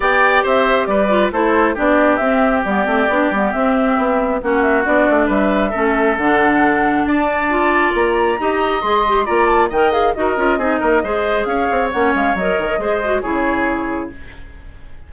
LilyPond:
<<
  \new Staff \with { instrumentName = "flute" } { \time 4/4 \tempo 4 = 136 g''4 e''4 d''4 c''4 | d''4 e''4 d''2 | e''2 fis''8 e''8 d''4 | e''2 fis''2 |
a''2 ais''2 | c'''4 ais''8 a''8 g''8 f''8 dis''4~ | dis''2 f''4 fis''8 f''8 | dis''2 cis''2 | }
  \new Staff \with { instrumentName = "oboe" } { \time 4/4 d''4 c''4 b'4 a'4 | g'1~ | g'2 fis'2 | b'4 a'2. |
d''2. dis''4~ | dis''4 d''4 dis''4 ais'4 | gis'8 ais'8 c''4 cis''2~ | cis''4 c''4 gis'2 | }
  \new Staff \with { instrumentName = "clarinet" } { \time 4/4 g'2~ g'8 f'8 e'4 | d'4 c'4 b8 c'8 d'8 b8 | c'2 cis'4 d'4~ | d'4 cis'4 d'2~ |
d'4 f'2 g'4 | gis'8 g'8 f'4 ais'8 gis'8 fis'8 f'8 | dis'4 gis'2 cis'4 | ais'4 gis'8 fis'8 e'2 | }
  \new Staff \with { instrumentName = "bassoon" } { \time 4/4 b4 c'4 g4 a4 | b4 c'4 g8 a8 b8 g8 | c'4 b4 ais4 b8 a8 | g4 a4 d2 |
d'2 ais4 dis'4 | gis4 ais4 dis4 dis'8 cis'8 | c'8 ais8 gis4 cis'8 c'8 ais8 gis8 | fis8 dis8 gis4 cis2 | }
>>